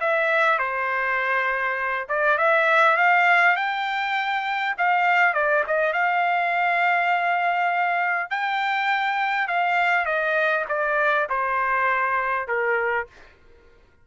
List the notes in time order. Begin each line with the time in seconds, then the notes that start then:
0.00 E5
0.59 C5
2.09 D5
2.38 E5
2.97 F5
3.56 G5
4.78 F5
5.34 D5
5.67 D#5
5.93 F5
8.30 G5
9.48 F5
10.05 D#5
10.69 D5
11.30 C5
12.48 A#4